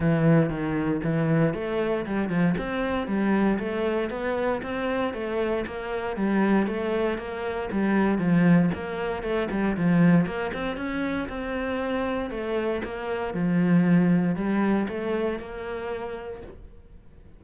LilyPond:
\new Staff \with { instrumentName = "cello" } { \time 4/4 \tempo 4 = 117 e4 dis4 e4 a4 | g8 f8 c'4 g4 a4 | b4 c'4 a4 ais4 | g4 a4 ais4 g4 |
f4 ais4 a8 g8 f4 | ais8 c'8 cis'4 c'2 | a4 ais4 f2 | g4 a4 ais2 | }